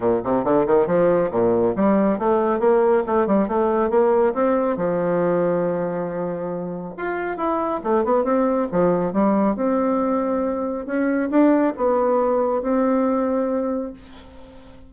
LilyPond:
\new Staff \with { instrumentName = "bassoon" } { \time 4/4 \tempo 4 = 138 ais,8 c8 d8 dis8 f4 ais,4 | g4 a4 ais4 a8 g8 | a4 ais4 c'4 f4~ | f1 |
f'4 e'4 a8 b8 c'4 | f4 g4 c'2~ | c'4 cis'4 d'4 b4~ | b4 c'2. | }